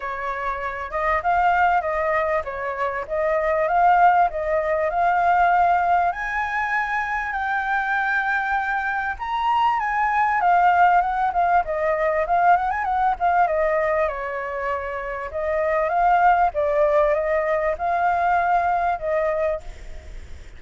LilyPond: \new Staff \with { instrumentName = "flute" } { \time 4/4 \tempo 4 = 98 cis''4. dis''8 f''4 dis''4 | cis''4 dis''4 f''4 dis''4 | f''2 gis''2 | g''2. ais''4 |
gis''4 f''4 fis''8 f''8 dis''4 | f''8 fis''16 gis''16 fis''8 f''8 dis''4 cis''4~ | cis''4 dis''4 f''4 d''4 | dis''4 f''2 dis''4 | }